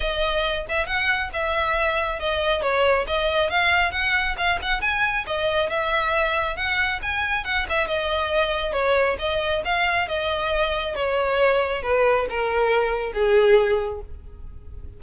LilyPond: \new Staff \with { instrumentName = "violin" } { \time 4/4 \tempo 4 = 137 dis''4. e''8 fis''4 e''4~ | e''4 dis''4 cis''4 dis''4 | f''4 fis''4 f''8 fis''8 gis''4 | dis''4 e''2 fis''4 |
gis''4 fis''8 e''8 dis''2 | cis''4 dis''4 f''4 dis''4~ | dis''4 cis''2 b'4 | ais'2 gis'2 | }